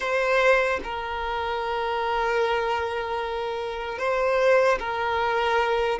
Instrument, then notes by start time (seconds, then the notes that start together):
violin
0.00 C5
0.83 A#4
3.98 C5
4.79 A#4